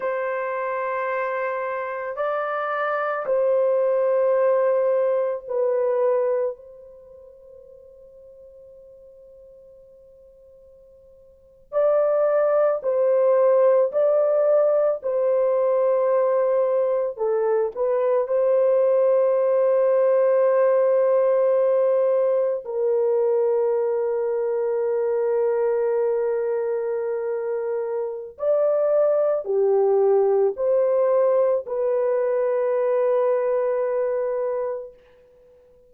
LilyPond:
\new Staff \with { instrumentName = "horn" } { \time 4/4 \tempo 4 = 55 c''2 d''4 c''4~ | c''4 b'4 c''2~ | c''2~ c''8. d''4 c''16~ | c''8. d''4 c''2 a'16~ |
a'16 b'8 c''2.~ c''16~ | c''8. ais'2.~ ais'16~ | ais'2 d''4 g'4 | c''4 b'2. | }